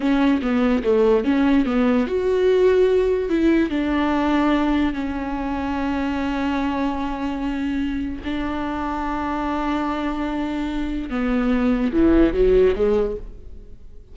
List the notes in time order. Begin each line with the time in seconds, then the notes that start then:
0.00 C#4
0.41 B3
0.83 A3
1.24 C#4
1.65 B3
2.07 F#4
3.29 E4
3.70 D4
4.93 C#4
8.24 D4
11.10 B3
11.92 E3
12.33 F#3
12.75 G#3